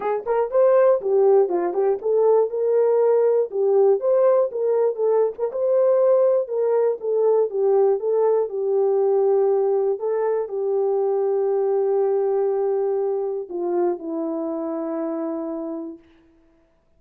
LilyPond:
\new Staff \with { instrumentName = "horn" } { \time 4/4 \tempo 4 = 120 gis'8 ais'8 c''4 g'4 f'8 g'8 | a'4 ais'2 g'4 | c''4 ais'4 a'8. ais'16 c''4~ | c''4 ais'4 a'4 g'4 |
a'4 g'2. | a'4 g'2.~ | g'2. f'4 | e'1 | }